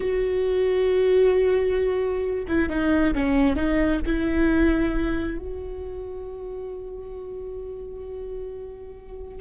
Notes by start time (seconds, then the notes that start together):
0.00 F#4
2.47 E4
2.69 D#4
3.14 C#4
3.55 D#4
4.05 E4
5.38 F#4